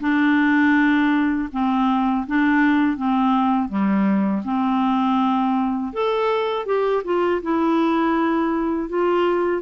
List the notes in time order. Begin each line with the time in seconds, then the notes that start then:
0.00 D4
1.52 C4
2.27 D4
2.97 C4
3.68 G3
4.44 C4
5.93 A4
6.65 G4
7.04 F4
7.42 E4
8.89 F4